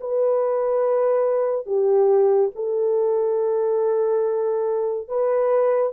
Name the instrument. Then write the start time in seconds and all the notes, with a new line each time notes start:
horn
0.00 B4
1.66 G4
2.55 A4
5.08 B4